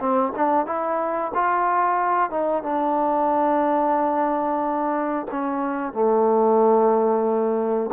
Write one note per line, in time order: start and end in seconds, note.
0.00 0.33 C4
0.36 0.66 D4
0.66 1.32 E4
1.35 2.30 F4
2.30 2.63 D#4
2.63 5.27 D4
5.31 5.93 C#4
5.93 7.91 A3